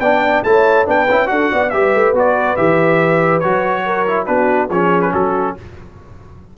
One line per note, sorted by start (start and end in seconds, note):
0.00 0.43 B3
0.00 0.45 D4
0.00 0.44 D5
0.00 0.43 G5
0.43 0.86 A3
0.43 0.86 E4
0.43 0.87 C#5
0.43 0.86 A5
0.86 1.09 B3
0.86 1.07 D4
0.86 1.30 B4
0.86 1.28 G5
1.09 1.30 C#4
1.09 1.26 E4
1.26 1.51 D4
1.26 1.69 F#4
1.26 1.52 A4
1.26 1.70 F#5
1.52 1.73 B3
1.52 1.73 D5
1.70 1.95 G3
1.70 2.15 G4
1.70 3.85 B4
1.70 2.13 E5
1.95 2.13 A3
2.13 2.56 B3
2.13 2.57 F#4
2.13 2.56 D5
2.56 3.43 E3
2.56 3.42 G4
2.56 3.40 E5
3.40 4.28 F#3
3.40 4.07 F#4
3.40 4.25 C#5
3.85 4.27 A#4
4.07 4.26 E4
4.26 4.70 B3
4.26 4.69 D4
4.26 4.69 F#4
4.26 4.69 B4
4.69 5.13 F3
4.69 5.58 C#4
4.69 5.12 G#4
4.69 5.02 C#5
5.02 5.12 B4
5.13 5.56 F#3
5.13 5.55 F#4
5.13 5.57 A4